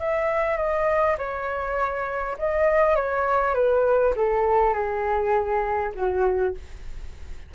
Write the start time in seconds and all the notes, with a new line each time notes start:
0.00 E5
0.58 D#5
1.19 C#5
2.39 D#5
2.96 C#5
3.55 B4
4.16 A4
4.74 G#4
5.95 F#4